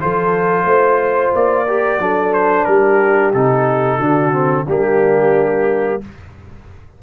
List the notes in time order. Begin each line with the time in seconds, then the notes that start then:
0.00 F3 F4 A4 C5
0.65 A3 C5
1.35 A#3 D5
1.67 G4 A#4
1.99 F#3 D4 A4
2.33 C5
2.65 G3 G4 A#4
3.34 C3 D#4 A4
3.98 D3 D4 F#4
4.33 C4
4.66 G3 A#3 D4 G4